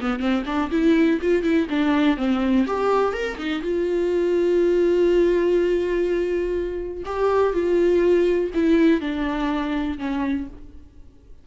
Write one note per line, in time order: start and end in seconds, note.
0.00 0.19 B3
0.19 0.43 C4
0.46 0.70 D4
0.71 1.20 E4
1.21 1.43 F4
1.43 1.67 E4
1.69 2.17 D4
2.17 2.66 C4
2.66 3.13 G4
3.13 3.37 A#4
3.38 3.62 D#4
3.62 7.04 F4
7.05 7.53 G4
7.53 8.51 F4
8.54 9.00 E4
9.00 9.98 D4
9.98 10.47 C#4